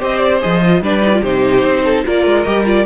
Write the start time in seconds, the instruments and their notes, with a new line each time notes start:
0.00 cello C4, viola G4, violin C5 D#5
0.18 violin D5
0.41 cello F3, viola G#4, violin D#5
0.65 viola F4
0.81 cello G3, viola D4, violin B4 D5
1.01 viola D#4
1.14 viola F4
1.21 cello C3, viola D#4, violin G4 C5
1.63 cello C4
1.84 violin A4
2.06 cello A#3, viola F4, violin A#4 D5
2.26 cello G#3
2.43 cello G3, viola G4, violin D#5
2.65 viola F4, violin D5